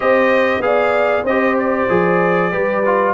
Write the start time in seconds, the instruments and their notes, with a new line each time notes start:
0.00 tuba C4, trombone G4, horn C5, trumpet D#5
0.59 tuba B3, trombone G#4, horn D5, trumpet F5
1.23 tuba C4, horn C5, trumpet D#5
1.29 trombone G4
1.59 trumpet D5
1.89 tuba F3, trombone G#4
2.51 tuba G3, trombone G4, horn B4
2.85 trombone F4